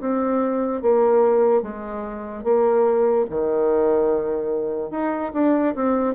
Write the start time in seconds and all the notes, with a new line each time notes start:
0.00 C4
0.82 A#3
1.63 G#3
2.44 A#3
3.30 D#3
4.91 D#4
5.33 D4
5.75 C4